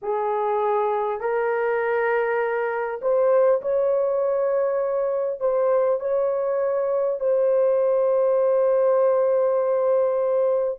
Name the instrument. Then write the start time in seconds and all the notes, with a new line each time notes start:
horn
0.02 G#4
1.20 A#4
3.01 C5
3.61 C#5
5.39 C5
6.00 C#5
7.19 C5